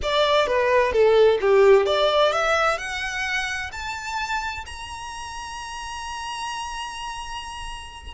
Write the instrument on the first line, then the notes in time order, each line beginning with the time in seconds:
violin
0.02 D5
0.47 B4
0.92 A4
1.40 G4
1.86 D5
2.32 E5
2.78 F#5
3.71 A5
4.66 A#5